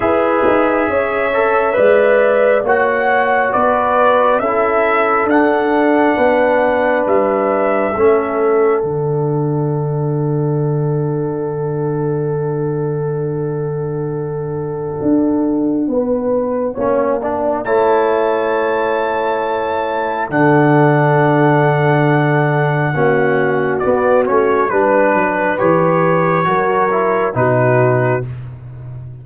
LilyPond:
<<
  \new Staff \with { instrumentName = "trumpet" } { \time 4/4 \tempo 4 = 68 e''2. fis''4 | d''4 e''4 fis''2 | e''2 fis''2~ | fis''1~ |
fis''1 | a''2. fis''4~ | fis''2. d''8 cis''8 | b'4 cis''2 b'4 | }
  \new Staff \with { instrumentName = "horn" } { \time 4/4 b'4 cis''4 d''4 cis''4 | b'4 a'2 b'4~ | b'4 a'2.~ | a'1~ |
a'2 b'4 cis''8 d''8 | cis''2. a'4~ | a'2 fis'2 | b'2 ais'4 fis'4 | }
  \new Staff \with { instrumentName = "trombone" } { \time 4/4 gis'4. a'8 b'4 fis'4~ | fis'4 e'4 d'2~ | d'4 cis'4 d'2~ | d'1~ |
d'2. cis'8 d'8 | e'2. d'4~ | d'2 cis'4 b8 cis'8 | d'4 g'4 fis'8 e'8 dis'4 | }
  \new Staff \with { instrumentName = "tuba" } { \time 4/4 e'8 dis'8 cis'4 gis4 ais4 | b4 cis'4 d'4 b4 | g4 a4 d2~ | d1~ |
d4 d'4 b4 ais4 | a2. d4~ | d2 ais4 b8 a8 | g8 fis8 e4 fis4 b,4 | }
>>